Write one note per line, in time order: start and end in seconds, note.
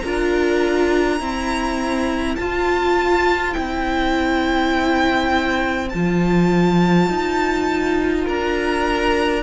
0.00 1.20 D4
0.00 1.20 F4
0.00 1.20 A#4
0.00 2.35 A#5
1.20 2.38 C4
1.20 2.38 E4
1.20 8.26 C5
2.36 3.56 F4
2.36 3.54 F4
2.36 3.54 A5
3.54 5.93 C4
3.54 5.89 E4
3.54 5.89 G5
5.90 7.09 F3
5.90 9.44 F4
5.90 8.25 A5
7.09 8.26 D#4
8.26 9.44 D4
8.26 9.43 A#4
8.26 9.44 A#5